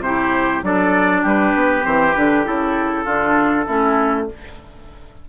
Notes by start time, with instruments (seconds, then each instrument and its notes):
0.00 bassoon C3, clarinet E4, oboe G4, trumpet C5
0.63 bassoon F#3, clarinet D4, oboe A4, trumpet D5
1.23 bassoon G3, oboe G4, trumpet B4
1.54 bassoon B3
1.82 bassoon E3, clarinet C4, trumpet C5
2.15 bassoon D3, clarinet D4, trumpet B4
2.45 bassoon C#3, clarinet E4, trumpet A4
3.04 bassoon D3, clarinet D4, oboe F4
3.66 bassoon A3, clarinet C#4, oboe E4